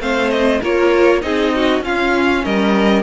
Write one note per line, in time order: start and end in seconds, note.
0.00 0.61 A3
0.00 0.61 C4
0.00 0.61 C5
0.00 0.30 F5
0.30 0.60 D#5
0.61 1.22 A#3
0.61 1.21 F4
0.61 1.21 A#4
0.61 1.22 C#5
1.21 1.81 C4
1.21 1.81 D#4
1.21 1.54 G#4
1.21 1.82 D#5
1.55 1.85 F#4
1.81 2.41 C#4
1.81 3.02 C#4
1.81 2.44 F4
1.81 2.45 F5
2.44 3.02 G3
2.44 3.02 A#4
2.44 3.02 D#5